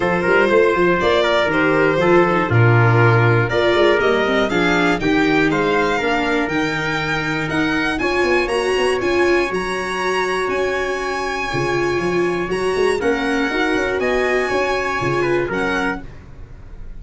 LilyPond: <<
  \new Staff \with { instrumentName = "violin" } { \time 4/4 \tempo 4 = 120 c''2 d''4 c''4~ | c''4 ais'2 d''4 | dis''4 f''4 g''4 f''4~ | f''4 g''2 fis''4 |
gis''4 ais''4 gis''4 ais''4~ | ais''4 gis''2.~ | gis''4 ais''4 fis''2 | gis''2. fis''4 | }
  \new Staff \with { instrumentName = "trumpet" } { \time 4/4 a'8 ais'8 c''4. ais'4. | a'4 f'2 ais'4~ | ais'4 gis'4 g'4 c''4 | ais'1 |
cis''1~ | cis''1~ | cis''2 ais'2 | dis''4 cis''4. b'8 ais'4 | }
  \new Staff \with { instrumentName = "viola" } { \time 4/4 f'2. g'4 | f'8 dis'8 d'2 f'4 | ais8 c'8 d'4 dis'2 | d'4 dis'2. |
f'4 fis'4 f'4 fis'4~ | fis'2. f'4~ | f'4 fis'4 cis'4 fis'4~ | fis'2 f'4 cis'4 | }
  \new Staff \with { instrumentName = "tuba" } { \time 4/4 f8 g8 a8 f8 ais4 dis4 | f4 ais,2 ais8 gis8 | g4 f4 dis4 gis4 | ais4 dis2 dis'4 |
cis'8 b8 ais8 b8 cis'4 fis4~ | fis4 cis'2 cis4 | f4 fis8 gis8 ais4 dis'8 cis'8 | b4 cis'4 cis4 fis4 | }
>>